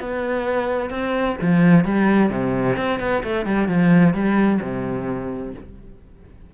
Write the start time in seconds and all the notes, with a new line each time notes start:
0.00 B3
0.90 C4
1.41 F3
1.85 G3
2.30 C3
2.77 C4
3.00 B3
3.23 A3
3.46 G3
3.68 F3
4.14 G3
4.62 C3